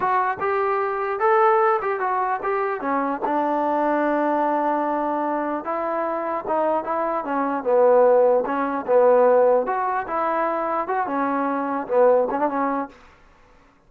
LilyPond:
\new Staff \with { instrumentName = "trombone" } { \time 4/4 \tempo 4 = 149 fis'4 g'2 a'4~ | a'8 g'8 fis'4 g'4 cis'4 | d'1~ | d'2 e'2 |
dis'4 e'4 cis'4 b4~ | b4 cis'4 b2 | fis'4 e'2 fis'8 cis'8~ | cis'4. b4 cis'16 d'16 cis'4 | }